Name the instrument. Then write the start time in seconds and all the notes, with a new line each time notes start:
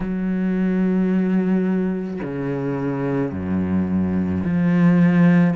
cello
0.00 F#3
2.22 C#3
3.31 F#2
4.43 F3